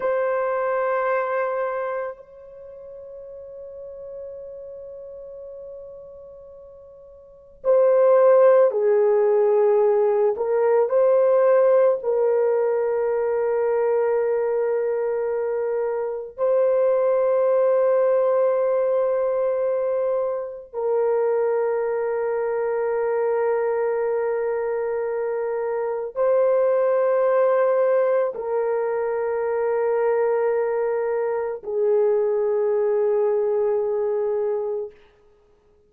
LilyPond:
\new Staff \with { instrumentName = "horn" } { \time 4/4 \tempo 4 = 55 c''2 cis''2~ | cis''2. c''4 | gis'4. ais'8 c''4 ais'4~ | ais'2. c''4~ |
c''2. ais'4~ | ais'1 | c''2 ais'2~ | ais'4 gis'2. | }